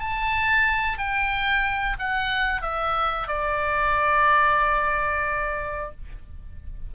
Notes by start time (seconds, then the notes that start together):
0.00 A5
0.99 G5
1.99 F#5
2.62 E5
3.28 D5